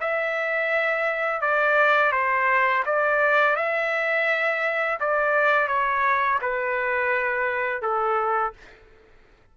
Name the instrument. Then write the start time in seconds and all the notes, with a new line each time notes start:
trumpet
0.00 E5
1.41 D5
2.12 C5
2.85 D5
3.56 E5
5.00 D5
5.68 C#5
6.42 B4
7.81 A4